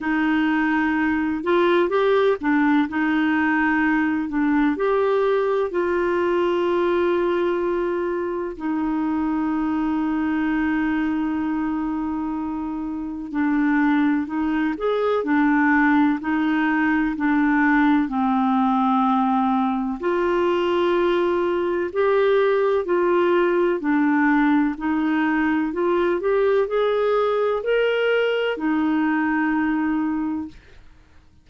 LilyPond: \new Staff \with { instrumentName = "clarinet" } { \time 4/4 \tempo 4 = 63 dis'4. f'8 g'8 d'8 dis'4~ | dis'8 d'8 g'4 f'2~ | f'4 dis'2.~ | dis'2 d'4 dis'8 gis'8 |
d'4 dis'4 d'4 c'4~ | c'4 f'2 g'4 | f'4 d'4 dis'4 f'8 g'8 | gis'4 ais'4 dis'2 | }